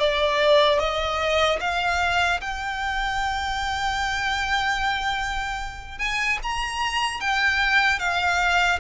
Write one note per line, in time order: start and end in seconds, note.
0.00 0.79 D5
0.79 1.59 D#5
1.61 2.41 F5
2.41 5.99 G5
5.99 6.39 G#5
6.43 7.21 A#5
7.21 7.99 G5
7.99 8.79 F5